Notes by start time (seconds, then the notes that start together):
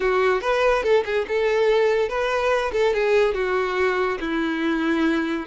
0.00 F#4
0.41 B4
0.83 A4
1.05 G#4
1.28 A4
2.08 B4
2.72 A4
2.93 G#4
3.34 F#4
4.20 E4